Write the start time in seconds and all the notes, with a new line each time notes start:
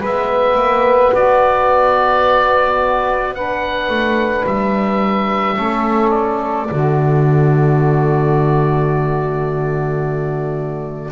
0.00 G#3 B3 B4 E5
0.56 A#3
1.12 B3 F#4 D5
3.35 D4 B4 F#5
3.89 A3
4.46 G3 E5
5.55 A3 C#4 A4
6.10 D5
6.67 D3 A3 F#4